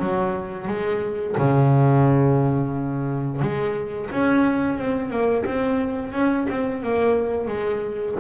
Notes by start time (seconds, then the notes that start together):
0.00 F#3
0.68 G#3
1.38 C#3
3.42 G#3
4.11 C#4
4.79 C4
5.11 A#3
5.46 C4
6.13 C#4
6.50 C4
6.83 A#3
7.48 G#3